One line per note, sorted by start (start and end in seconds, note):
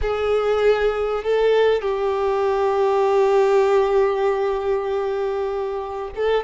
0.01 1.23 G#4
1.23 1.81 A4
1.81 6.10 G4
6.15 6.44 A4